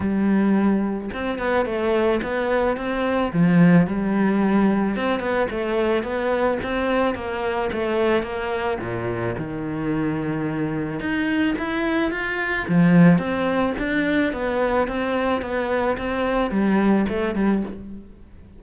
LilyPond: \new Staff \with { instrumentName = "cello" } { \time 4/4 \tempo 4 = 109 g2 c'8 b8 a4 | b4 c'4 f4 g4~ | g4 c'8 b8 a4 b4 | c'4 ais4 a4 ais4 |
ais,4 dis2. | dis'4 e'4 f'4 f4 | c'4 d'4 b4 c'4 | b4 c'4 g4 a8 g8 | }